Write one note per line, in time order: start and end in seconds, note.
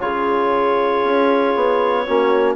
0.00 1.03 C#3
0.00 2.07 F4
0.00 2.07 G#4
0.00 2.56 C#5
1.03 1.55 C#4
1.56 2.07 B3
2.07 2.56 A#3
2.07 2.56 C#4
2.07 2.56 F#4